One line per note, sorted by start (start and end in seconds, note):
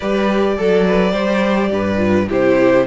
0.00 0.58 G3
0.00 0.57 G4
0.00 0.55 B4
0.00 2.26 D5
0.57 1.12 F#3
0.57 1.11 A4
0.57 0.86 A4
0.86 1.12 B4
1.11 1.70 G3
1.11 1.97 G4
1.11 1.69 C5
1.71 2.28 G2
1.71 2.28 B4
1.97 2.25 F4
2.28 2.86 C3
2.28 2.86 E4
2.28 2.85 G4
2.28 2.86 C5